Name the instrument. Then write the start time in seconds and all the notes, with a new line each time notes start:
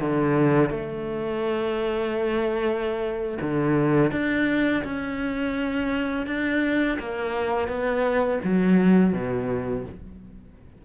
cello
0.00 D3
0.70 A3
3.41 D3
4.11 D4
4.83 C#4
6.26 D4
6.99 A#3
7.68 B3
8.44 F#3
9.13 B2